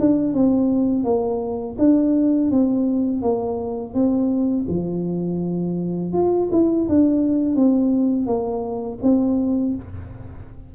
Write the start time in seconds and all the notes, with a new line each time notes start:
0.00 D4
0.34 C4
1.04 A#3
1.78 D4
2.51 C4
3.22 A#3
3.94 C4
4.69 F3
6.13 F4
6.52 E4
6.88 D4
7.55 C4
8.26 A#3
9.02 C4